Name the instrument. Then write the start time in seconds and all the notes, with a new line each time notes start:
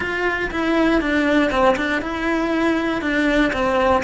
cello
0.00 F4
0.50 E4
1.00 D4
1.50 C4
1.76 D4
2.01 E4
3.01 D4
3.52 C4